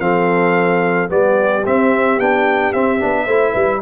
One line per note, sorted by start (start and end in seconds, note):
0.00 1.09 F3
0.00 1.09 C4
0.00 1.12 A4
0.00 1.09 F5
1.09 1.65 G3
1.09 1.63 B3
1.09 3.25 G4
1.09 1.66 D5
1.65 2.20 C4
1.65 2.18 C4
1.65 2.20 E5
2.18 2.72 B3
2.18 2.74 D4
2.18 2.73 G5
2.73 3.00 C4
2.73 3.01 C4
2.73 3.82 E5
3.00 3.27 B3
3.00 3.28 D4
3.25 3.54 A3
3.25 3.82 E4
3.25 3.52 C5
3.52 3.82 G3
3.52 3.79 B4